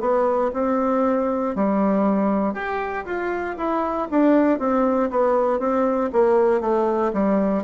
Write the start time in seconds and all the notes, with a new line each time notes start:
0.00 B3
0.54 C4
1.55 G3
2.54 G4
3.05 F4
3.57 E4
4.10 D4
4.59 C4
5.10 B3
5.59 C4
6.12 A#3
6.61 A3
7.13 G3